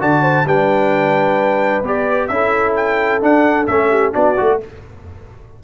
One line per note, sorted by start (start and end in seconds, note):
0.00 0.45 D3
0.00 0.46 F#4
0.00 0.23 D5
0.00 0.48 A5
0.23 0.45 C5
0.45 1.83 G3
0.45 1.84 D4
0.45 2.30 B4
0.45 1.85 G5
1.83 2.29 B3
1.83 2.31 G4
1.83 2.28 D5
2.28 3.21 C#4
2.28 3.22 E4
2.28 3.90 A4
2.28 2.73 E5
2.76 3.22 G5
3.22 3.68 D4
3.22 3.67 F#5
3.67 4.14 A3
3.67 4.12 C#4
3.67 4.13 E5
3.90 4.12 G4
4.12 4.38 B3
4.12 4.35 D4
4.12 4.58 F#4
4.12 4.60 D5
4.37 4.64 A3
4.37 4.60 F#4